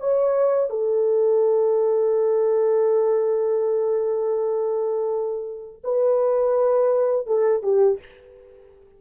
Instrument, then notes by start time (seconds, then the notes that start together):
horn
0.00 C#5
0.70 A4
5.84 B4
7.27 A4
7.63 G4